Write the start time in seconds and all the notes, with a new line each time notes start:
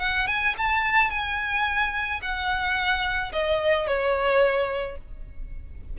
0.00 F#5
0.28 G#5
0.58 A5
1.11 G#5
2.22 F#5
3.33 D#5
3.88 C#5